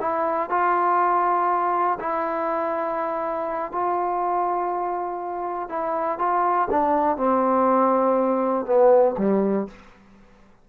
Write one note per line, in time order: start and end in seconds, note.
0.00 0.50 E4
0.50 1.98 F4
2.00 3.72 E4
3.72 5.69 F4
5.69 6.18 E4
6.18 6.68 F4
6.70 7.17 D4
7.17 8.66 C4
8.66 9.15 B3
9.18 9.67 G3